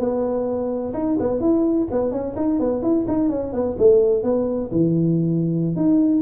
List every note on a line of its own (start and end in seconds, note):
0.00 0.94 B3
0.94 1.18 D#4
1.20 1.41 B3
1.41 1.88 E4
1.92 2.12 B3
2.12 2.35 C#4
2.37 2.60 D#4
2.60 2.83 B3
2.83 3.06 E4
3.08 3.30 D#4
3.30 3.53 C#4
3.53 3.77 B3
3.79 4.24 A3
4.24 4.70 B3
4.72 5.77 E3
5.77 6.23 D#4